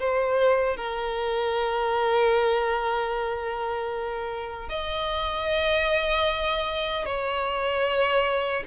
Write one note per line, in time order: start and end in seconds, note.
0.00 0.77 C5
0.77 4.69 A#4
4.69 7.06 D#5
7.06 8.64 C#5